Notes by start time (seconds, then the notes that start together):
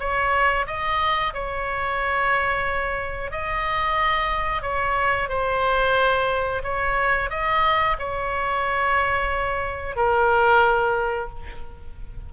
0.00 C#5
0.67 D#5
1.34 C#5
3.32 D#5
4.62 C#5
5.29 C5
6.64 C#5
7.30 D#5
7.99 C#5
9.96 A#4